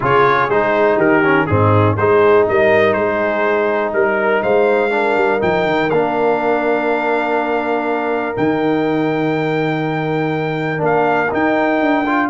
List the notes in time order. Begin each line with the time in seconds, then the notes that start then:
0.00 C#3 F4 G#4 C#5
0.48 G#3 D#4 C5
0.96 D#3 G4 A#4
1.23 C#4
1.46 G#2 C4 D#4 G#4
1.96 G#3 D#4 G#4 C5
2.48 G3 A#4 D#5
2.93 G#3 G#4 C5
3.93 G3 A#4
4.42 G#3 C5 F5
4.90 D4 A#4
5.16 G3
5.39 F3 D#4 G5
5.65 D#3
5.90 A#3 D4 F5
8.34 D#3 D#4 G5
10.77 A#3 D4
10.84 F5
11.31 D#4 G5
11.80 D4
12.06 F4